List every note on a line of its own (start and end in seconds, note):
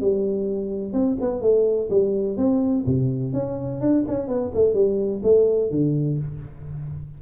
0.00 0.93 G3
0.93 1.16 C4
1.20 1.41 B3
1.41 1.89 A3
1.89 2.37 G3
2.37 2.84 C4
2.86 3.33 C3
3.33 3.80 C#4
3.80 4.04 D4
4.08 4.27 C#4
4.27 4.51 B3
4.54 4.73 A3
4.73 5.21 G3
5.23 5.70 A3
5.70 6.18 D3